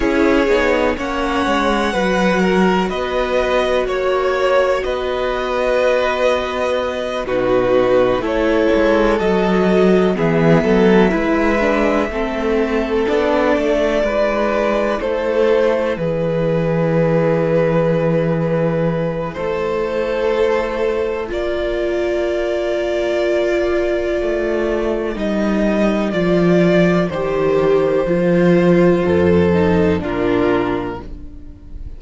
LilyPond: <<
  \new Staff \with { instrumentName = "violin" } { \time 4/4 \tempo 4 = 62 cis''4 fis''2 dis''4 | cis''4 dis''2~ dis''8 b'8~ | b'8 cis''4 dis''4 e''4.~ | e''4. d''2 c''8~ |
c''8 b'2.~ b'8 | c''2 d''2~ | d''2 dis''4 d''4 | c''2. ais'4 | }
  \new Staff \with { instrumentName = "violin" } { \time 4/4 gis'4 cis''4 b'8 ais'8 b'4 | cis''4 b'2~ b'8 fis'8~ | fis'8 a'2 gis'8 a'8 b'8~ | b'8 a'2 b'4 a'8~ |
a'8 gis'2.~ gis'8 | a'2 ais'2~ | ais'1~ | ais'2 a'4 f'4 | }
  \new Staff \with { instrumentName = "viola" } { \time 4/4 e'8 dis'8 cis'4 fis'2~ | fis'2.~ fis'8 dis'8~ | dis'8 e'4 fis'4 b4 e'8 | d'8 c'4 d'4 e'4.~ |
e'1~ | e'2 f'2~ | f'2 dis'4 f'4 | g'4 f'4. dis'8 d'4 | }
  \new Staff \with { instrumentName = "cello" } { \time 4/4 cis'8 b8 ais8 gis8 fis4 b4 | ais4 b2~ b8 b,8~ | b,8 a8 gis8 fis4 e8 fis8 gis8~ | gis8 a4 b8 a8 gis4 a8~ |
a8 e2.~ e8 | a2 ais2~ | ais4 a4 g4 f4 | dis4 f4 f,4 ais,4 | }
>>